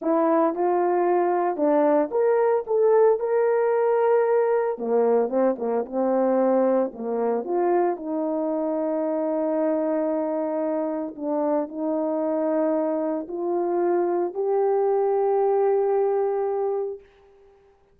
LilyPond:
\new Staff \with { instrumentName = "horn" } { \time 4/4 \tempo 4 = 113 e'4 f'2 d'4 | ais'4 a'4 ais'2~ | ais'4 ais4 c'8 ais8 c'4~ | c'4 ais4 f'4 dis'4~ |
dis'1~ | dis'4 d'4 dis'2~ | dis'4 f'2 g'4~ | g'1 | }